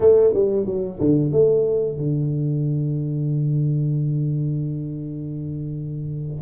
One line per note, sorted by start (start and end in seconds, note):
0.00 0.33 A3
0.33 0.66 G3
0.66 0.99 F#3
1.00 1.32 D3
1.32 1.97 A3
1.97 6.42 D3